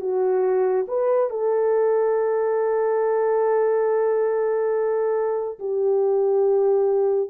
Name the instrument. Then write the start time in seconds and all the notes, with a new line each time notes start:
horn
0.00 F#4
0.88 B4
1.30 A4
5.59 G4